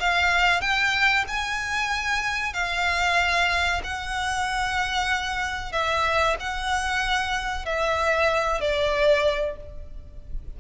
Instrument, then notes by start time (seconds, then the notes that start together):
violin
0.00 F5
0.61 G5
1.28 G#5
2.54 F5
3.84 F#5
5.73 E5
6.40 F#5
7.66 E5
8.61 D5